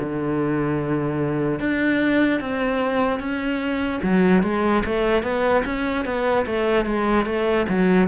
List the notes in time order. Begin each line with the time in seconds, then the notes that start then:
0.00 D3
1.60 D4
2.41 C4
3.20 C#4
4.03 F#3
4.43 G#3
4.86 A3
5.23 B3
5.65 C#4
6.06 B3
6.46 A3
6.86 G#3
7.26 A3
7.70 F#3